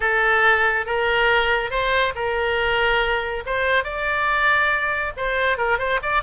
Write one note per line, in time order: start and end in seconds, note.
0.00 0.86 A4
0.86 1.70 A#4
1.70 2.13 C5
2.15 3.43 A#4
3.46 3.84 C5
3.84 5.12 D5
5.16 5.57 C5
5.57 5.78 A#4
5.78 5.99 C5
6.02 6.22 D5